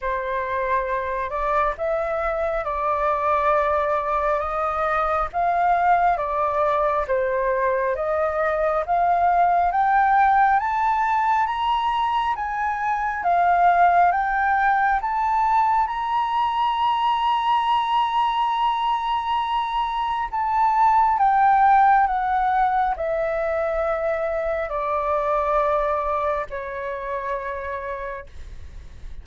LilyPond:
\new Staff \with { instrumentName = "flute" } { \time 4/4 \tempo 4 = 68 c''4. d''8 e''4 d''4~ | d''4 dis''4 f''4 d''4 | c''4 dis''4 f''4 g''4 | a''4 ais''4 gis''4 f''4 |
g''4 a''4 ais''2~ | ais''2. a''4 | g''4 fis''4 e''2 | d''2 cis''2 | }